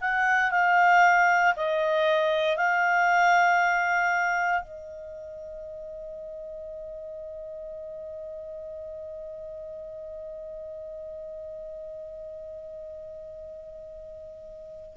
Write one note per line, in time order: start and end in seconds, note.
0.00 0.50 F#5
0.50 1.54 F5
1.56 2.56 D#5
2.56 4.61 F5
4.61 14.96 D#5